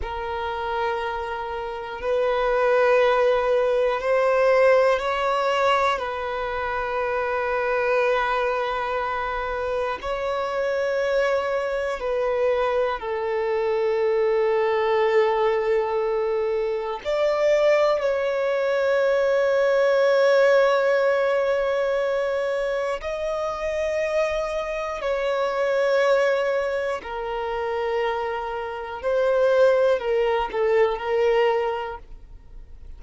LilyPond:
\new Staff \with { instrumentName = "violin" } { \time 4/4 \tempo 4 = 60 ais'2 b'2 | c''4 cis''4 b'2~ | b'2 cis''2 | b'4 a'2.~ |
a'4 d''4 cis''2~ | cis''2. dis''4~ | dis''4 cis''2 ais'4~ | ais'4 c''4 ais'8 a'8 ais'4 | }